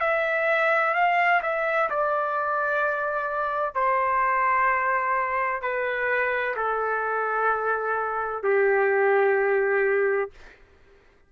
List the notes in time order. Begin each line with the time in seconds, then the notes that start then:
0.00 E5
0.94 F5
1.42 E5
1.90 D5
3.75 C5
5.62 B4
6.56 A4
8.43 G4